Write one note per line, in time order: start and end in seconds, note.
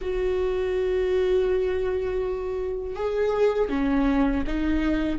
0.01 2.95 F#4
2.95 3.69 G#4
3.69 4.43 C#4
4.46 5.19 D#4